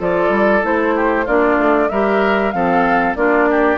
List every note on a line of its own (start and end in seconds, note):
0.00 0.30 F3
0.00 0.62 F4
0.00 0.95 A4
0.00 0.65 D5
0.30 0.62 G3
0.62 1.27 A3
0.62 1.26 E4
0.62 1.27 C5
0.96 1.26 G4
1.26 1.58 A#3
1.26 1.91 D4
1.26 1.89 F4
1.26 1.90 D5
1.58 1.89 A3
1.90 2.54 G3
1.90 2.53 G4
1.90 2.55 A#4
1.90 2.52 E5
2.52 3.16 F3
2.52 3.17 C4
2.52 3.18 A4
2.52 3.15 F5
3.16 3.78 A#3
3.16 3.78 D4
3.16 3.49 F4
3.16 3.78 D5
3.51 3.78 G4